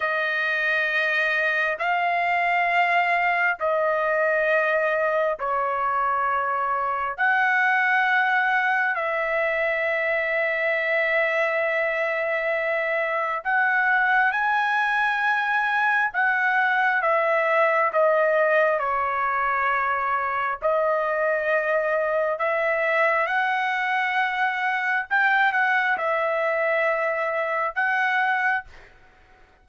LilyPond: \new Staff \with { instrumentName = "trumpet" } { \time 4/4 \tempo 4 = 67 dis''2 f''2 | dis''2 cis''2 | fis''2 e''2~ | e''2. fis''4 |
gis''2 fis''4 e''4 | dis''4 cis''2 dis''4~ | dis''4 e''4 fis''2 | g''8 fis''8 e''2 fis''4 | }